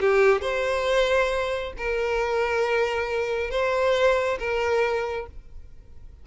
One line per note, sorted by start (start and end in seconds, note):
0.00 0.41 G4
0.41 1.73 C5
1.78 3.50 A#4
3.50 4.38 C5
4.39 5.27 A#4